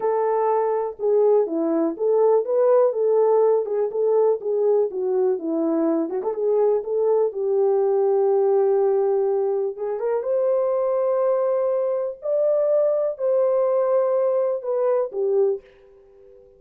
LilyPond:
\new Staff \with { instrumentName = "horn" } { \time 4/4 \tempo 4 = 123 a'2 gis'4 e'4 | a'4 b'4 a'4. gis'8 | a'4 gis'4 fis'4 e'4~ | e'8 fis'16 a'16 gis'4 a'4 g'4~ |
g'1 | gis'8 ais'8 c''2.~ | c''4 d''2 c''4~ | c''2 b'4 g'4 | }